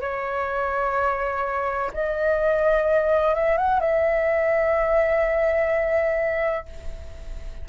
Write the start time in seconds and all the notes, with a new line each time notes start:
0.00 C#5
1.93 D#5
3.34 E5
3.57 F#5
3.80 E5